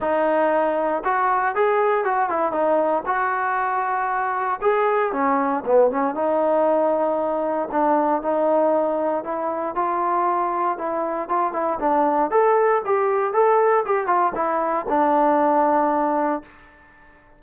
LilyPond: \new Staff \with { instrumentName = "trombone" } { \time 4/4 \tempo 4 = 117 dis'2 fis'4 gis'4 | fis'8 e'8 dis'4 fis'2~ | fis'4 gis'4 cis'4 b8 cis'8 | dis'2. d'4 |
dis'2 e'4 f'4~ | f'4 e'4 f'8 e'8 d'4 | a'4 g'4 a'4 g'8 f'8 | e'4 d'2. | }